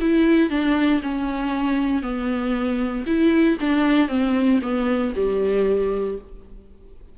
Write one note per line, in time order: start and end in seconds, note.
0.00 0.50 E4
0.50 1.01 D4
1.02 2.02 C#4
2.02 3.05 B3
3.06 3.57 E4
3.60 4.08 D4
4.08 4.60 C4
4.62 5.13 B3
5.15 6.18 G3